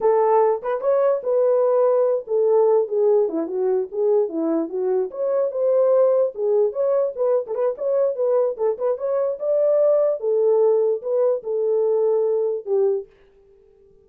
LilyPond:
\new Staff \with { instrumentName = "horn" } { \time 4/4 \tempo 4 = 147 a'4. b'8 cis''4 b'4~ | b'4. a'4. gis'4 | e'8 fis'4 gis'4 e'4 fis'8~ | fis'8 cis''4 c''2 gis'8~ |
gis'8 cis''4 b'8. a'16 b'8 cis''4 | b'4 a'8 b'8 cis''4 d''4~ | d''4 a'2 b'4 | a'2. g'4 | }